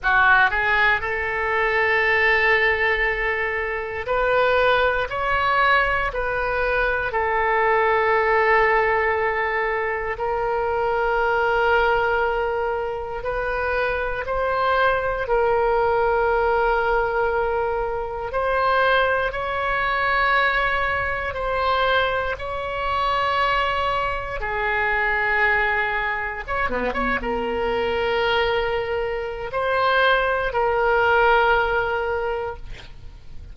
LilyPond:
\new Staff \with { instrumentName = "oboe" } { \time 4/4 \tempo 4 = 59 fis'8 gis'8 a'2. | b'4 cis''4 b'4 a'4~ | a'2 ais'2~ | ais'4 b'4 c''4 ais'4~ |
ais'2 c''4 cis''4~ | cis''4 c''4 cis''2 | gis'2 cis''16 b16 cis''16 ais'4~ ais'16~ | ais'4 c''4 ais'2 | }